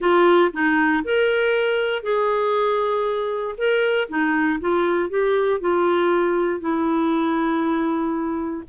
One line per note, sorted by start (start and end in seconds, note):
0.00 0.51 F4
0.52 1.03 D#4
1.04 2.02 A#4
2.02 3.55 G#4
3.57 4.08 A#4
4.08 4.59 D#4
4.60 5.09 F4
5.09 5.60 G4
5.60 6.60 F4
6.60 8.63 E4